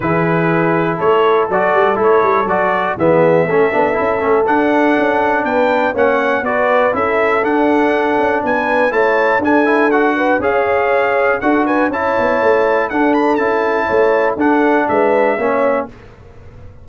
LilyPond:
<<
  \new Staff \with { instrumentName = "trumpet" } { \time 4/4 \tempo 4 = 121 b'2 cis''4 d''4 | cis''4 d''4 e''2~ | e''4 fis''2 g''4 | fis''4 d''4 e''4 fis''4~ |
fis''4 gis''4 a''4 gis''4 | fis''4 f''2 fis''8 gis''8 | a''2 fis''8 b''8 a''4~ | a''4 fis''4 e''2 | }
  \new Staff \with { instrumentName = "horn" } { \time 4/4 gis'2 a'2~ | a'2 gis'4 a'4~ | a'2. b'4 | cis''4 b'4 a'2~ |
a'4 b'4 cis''4 a'4~ | a'8 b'8 cis''2 a'8 b'8 | cis''2 a'2 | cis''4 a'4 b'4 cis''4 | }
  \new Staff \with { instrumentName = "trombone" } { \time 4/4 e'2. fis'4 | e'4 fis'4 b4 cis'8 d'8 | e'8 cis'8 d'2. | cis'4 fis'4 e'4 d'4~ |
d'2 e'4 d'8 e'8 | fis'4 gis'2 fis'4 | e'2 d'4 e'4~ | e'4 d'2 cis'4 | }
  \new Staff \with { instrumentName = "tuba" } { \time 4/4 e2 a4 fis8 g8 | a8 g8 fis4 e4 a8 b8 | cis'8 a8 d'4 cis'4 b4 | ais4 b4 cis'4 d'4~ |
d'8 cis'8 b4 a4 d'4~ | d'4 cis'2 d'4 | cis'8 b8 a4 d'4 cis'4 | a4 d'4 gis4 ais4 | }
>>